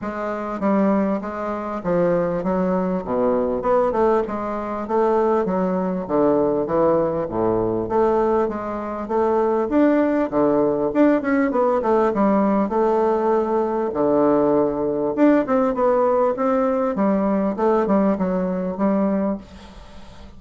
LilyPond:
\new Staff \with { instrumentName = "bassoon" } { \time 4/4 \tempo 4 = 99 gis4 g4 gis4 f4 | fis4 b,4 b8 a8 gis4 | a4 fis4 d4 e4 | a,4 a4 gis4 a4 |
d'4 d4 d'8 cis'8 b8 a8 | g4 a2 d4~ | d4 d'8 c'8 b4 c'4 | g4 a8 g8 fis4 g4 | }